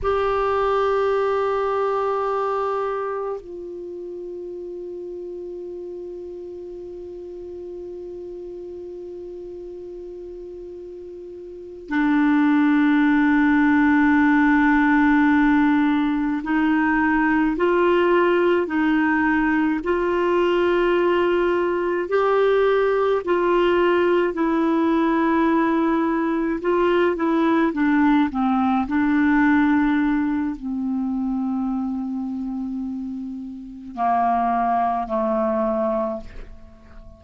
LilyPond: \new Staff \with { instrumentName = "clarinet" } { \time 4/4 \tempo 4 = 53 g'2. f'4~ | f'1~ | f'2~ f'8 d'4.~ | d'2~ d'8 dis'4 f'8~ |
f'8 dis'4 f'2 g'8~ | g'8 f'4 e'2 f'8 | e'8 d'8 c'8 d'4. c'4~ | c'2 ais4 a4 | }